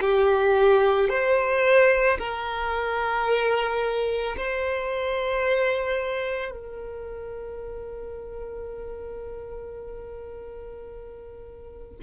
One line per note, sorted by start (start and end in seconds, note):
0.00 1.09 G4
1.09 2.18 C5
2.18 4.36 A#4
4.36 6.51 C5
6.51 11.96 A#4